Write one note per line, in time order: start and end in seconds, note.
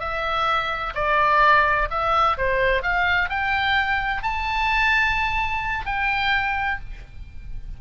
0.00 0.94 E5
0.95 1.89 D5
1.90 2.37 E5
2.38 2.83 C5
2.83 3.30 F5
3.30 4.23 G5
4.23 5.86 A5
5.86 6.80 G5